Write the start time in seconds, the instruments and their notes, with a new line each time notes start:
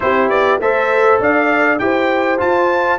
0.00 tuba C4, trombone E4, horn G4, trumpet C5
0.29 tuba B3, trumpet D5
0.59 tuba A3, trombone A4, horn C5, trumpet E5
1.19 tuba D4, horn D5, trumpet F5
1.78 tuba E4, trombone G4, horn C5, trumpet G5
2.38 trombone F4, tuba F4, trumpet A5